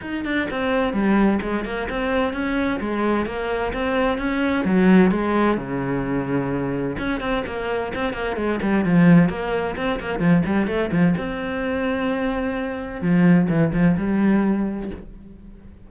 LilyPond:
\new Staff \with { instrumentName = "cello" } { \time 4/4 \tempo 4 = 129 dis'8 d'8 c'4 g4 gis8 ais8 | c'4 cis'4 gis4 ais4 | c'4 cis'4 fis4 gis4 | cis2. cis'8 c'8 |
ais4 c'8 ais8 gis8 g8 f4 | ais4 c'8 ais8 f8 g8 a8 f8 | c'1 | f4 e8 f8 g2 | }